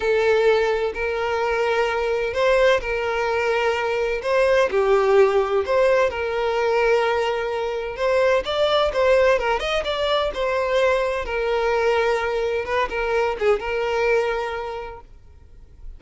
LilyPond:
\new Staff \with { instrumentName = "violin" } { \time 4/4 \tempo 4 = 128 a'2 ais'2~ | ais'4 c''4 ais'2~ | ais'4 c''4 g'2 | c''4 ais'2.~ |
ais'4 c''4 d''4 c''4 | ais'8 dis''8 d''4 c''2 | ais'2. b'8 ais'8~ | ais'8 gis'8 ais'2. | }